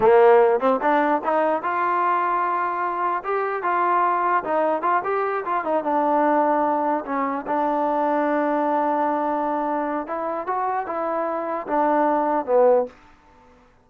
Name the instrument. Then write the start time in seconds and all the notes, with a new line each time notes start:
trombone
0.00 A#3
0.60 C4
0.81 D4
1.24 D#4
1.62 F4
3.24 G4
3.62 F4
4.44 D#4
4.82 F4
5.04 G4
5.45 F4
5.64 D#4
5.83 D4
7.05 C#4
7.46 D4
10.06 E4
10.46 F#4
10.86 E4
11.67 D4
12.45 B3